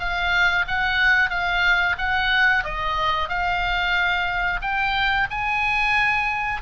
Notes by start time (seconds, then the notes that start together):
0.00 F5
0.68 F#5
1.30 F5
1.98 F#5
2.64 D#5
3.29 F5
4.62 G5
5.31 G#5